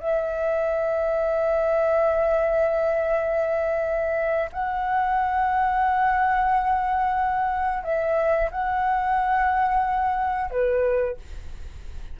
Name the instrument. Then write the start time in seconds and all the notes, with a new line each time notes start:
flute
0.00 E5
4.52 F#5
7.83 E5
8.51 F#5
10.50 B4